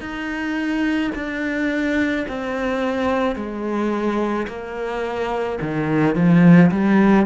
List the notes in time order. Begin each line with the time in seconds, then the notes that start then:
0.00 D#4
1.15 D4
2.28 C4
3.36 G#3
4.47 A#3
5.61 D#3
6.15 F3
6.71 G3